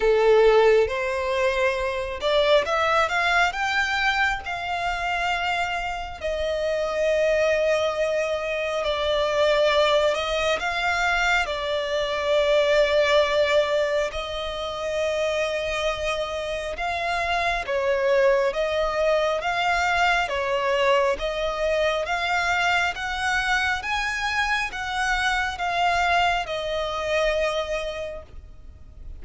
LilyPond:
\new Staff \with { instrumentName = "violin" } { \time 4/4 \tempo 4 = 68 a'4 c''4. d''8 e''8 f''8 | g''4 f''2 dis''4~ | dis''2 d''4. dis''8 | f''4 d''2. |
dis''2. f''4 | cis''4 dis''4 f''4 cis''4 | dis''4 f''4 fis''4 gis''4 | fis''4 f''4 dis''2 | }